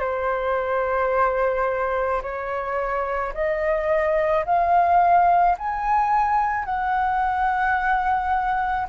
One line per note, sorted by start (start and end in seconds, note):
0.00 2.22 C5
2.23 3.34 C#5
3.34 4.45 D#5
4.46 5.57 F5
5.59 6.66 G#5
6.66 8.88 F#5